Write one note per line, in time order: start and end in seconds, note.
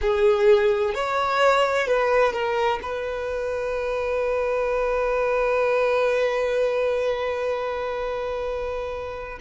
0.01 0.94 G#4
0.94 1.87 C#5
1.87 2.32 B4
2.32 2.79 A#4
2.82 9.38 B4